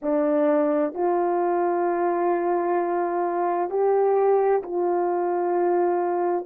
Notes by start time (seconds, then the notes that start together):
0.02 D4
0.94 F4
3.69 G4
4.62 F4